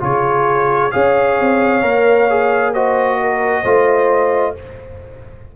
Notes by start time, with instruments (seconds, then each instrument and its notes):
0.00 tuba C#3, trombone F4, horn G#4, trumpet C#5
0.92 tuba C#4, trombone G#4, horn C#5, trumpet F5
1.41 tuba C4
1.82 tuba A#3, trombone A#4
2.30 trombone G#4
2.74 trombone F#4, horn C5, trumpet D#5
3.21 horn A#4
3.63 tuba A3, trombone F4, horn C5